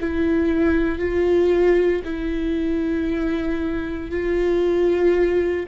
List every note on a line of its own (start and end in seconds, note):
0.00 0.98 E4
0.98 2.02 F4
2.04 4.11 E4
4.11 5.66 F4